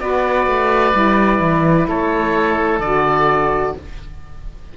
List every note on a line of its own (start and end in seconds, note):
0.00 0.47 B3
0.00 0.93 F#4
0.00 1.88 B4
0.00 1.88 D5
0.47 0.94 A3
0.93 1.40 G3
0.93 2.80 E4
1.40 1.87 E3
1.88 2.79 A3
1.88 3.76 A4
1.88 2.80 C#5
2.79 3.73 D3
2.79 3.77 F#4
2.79 3.74 D5